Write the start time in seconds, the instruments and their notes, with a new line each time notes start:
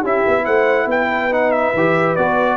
0.00 tuba C#4, trombone E4, horn G4
0.06 trumpet E5
0.27 tuba B3
0.45 tuba A3, horn C5, trumpet F#5
0.86 tuba B3, horn B4, trumpet G5
1.31 trombone D#4, trumpet F#5
1.52 trumpet E5
1.74 tuba E3, trombone G4
2.16 tuba B3, trombone F#4, trumpet D5